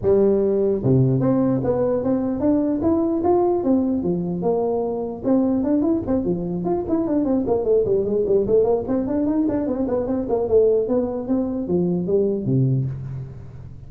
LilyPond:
\new Staff \with { instrumentName = "tuba" } { \time 4/4 \tempo 4 = 149 g2 c4 c'4 | b4 c'4 d'4 e'4 | f'4 c'4 f4 ais4~ | ais4 c'4 d'8 e'8 c'8 f8~ |
f8 f'8 e'8 d'8 c'8 ais8 a8 g8 | gis8 g8 a8 ais8 c'8 d'8 dis'8 d'8 | c'8 b8 c'8 ais8 a4 b4 | c'4 f4 g4 c4 | }